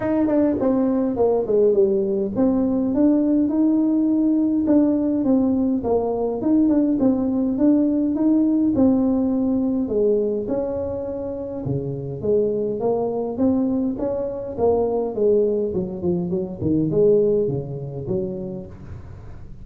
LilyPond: \new Staff \with { instrumentName = "tuba" } { \time 4/4 \tempo 4 = 103 dis'8 d'8 c'4 ais8 gis8 g4 | c'4 d'4 dis'2 | d'4 c'4 ais4 dis'8 d'8 | c'4 d'4 dis'4 c'4~ |
c'4 gis4 cis'2 | cis4 gis4 ais4 c'4 | cis'4 ais4 gis4 fis8 f8 | fis8 dis8 gis4 cis4 fis4 | }